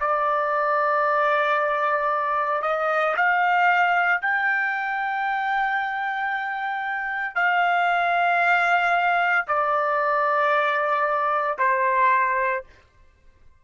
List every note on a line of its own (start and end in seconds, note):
0.00 2.63 D5
2.63 3.15 D#5
3.17 4.22 F5
4.22 7.35 G5
7.35 9.46 F5
9.47 11.58 D5
11.59 12.64 C5